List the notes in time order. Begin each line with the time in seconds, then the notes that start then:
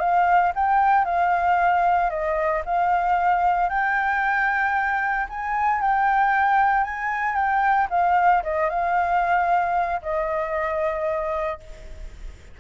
0.00 F5
0.56 G5
1.05 F5
2.10 D#5
2.66 F5
3.70 G5
5.30 G#5
5.82 G5
6.84 G#5
7.36 G5
7.91 F5
8.44 D#5
8.70 F5
10.02 D#5